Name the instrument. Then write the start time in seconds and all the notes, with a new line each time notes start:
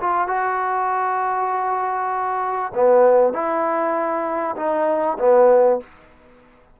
trombone
0.00 F4
0.28 F#4
2.74 B3
3.33 E4
4.56 D#4
5.18 B3